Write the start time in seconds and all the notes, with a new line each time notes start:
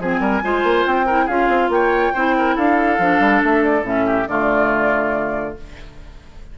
0.00 F3 C4 G#4 G#5
0.20 G3 A#4
0.43 G#3 F4 C5
0.63 A#3
0.86 C4 G5
1.06 E4 A#4
1.25 C#4 F4 G#4 F5
1.49 C4
1.69 A#3 C#5 G5
2.13 C4 E4 C5
2.38 A#4
2.55 D4 A4 F5
2.99 F3 D4
3.20 G3
3.44 A3 E5
3.64 D5
3.83 A2 C#4 E5
4.06 G4
4.28 D3 A3 F4 D5